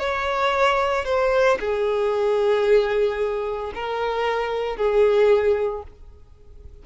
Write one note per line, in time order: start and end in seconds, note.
0.00 1.06 C#5
1.06 1.59 C5
1.60 3.73 G#4
3.75 4.77 A#4
4.77 5.83 G#4